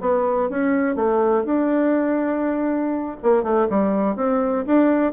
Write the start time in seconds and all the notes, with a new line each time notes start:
0.00 B3
0.49 C#4
0.95 A3
1.45 D4
3.23 A#3
3.43 A3
3.69 G3
4.16 C4
4.66 D4